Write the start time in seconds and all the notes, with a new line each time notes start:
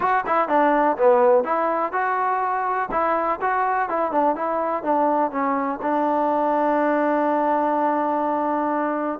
0.00 F#4
0.26 E4
0.48 D4
0.97 B3
1.44 E4
1.92 F#4
2.91 E4
3.41 F#4
3.89 E4
4.11 D4
4.35 E4
4.83 D4
5.31 C#4
5.82 D4